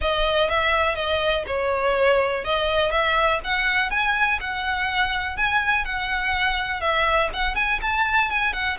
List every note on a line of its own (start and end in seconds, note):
0.01 0.49 D#5
0.49 0.95 E5
0.95 1.44 D#5
1.46 2.44 C#5
2.44 2.91 D#5
2.91 3.39 E5
3.44 3.90 F#5
3.90 4.39 G#5
4.40 5.37 F#5
5.37 5.84 G#5
5.84 6.80 F#5
6.80 7.29 E5
7.33 7.55 F#5
7.55 7.79 G#5
7.81 8.30 A5
8.30 8.53 G#5
8.53 8.77 F#5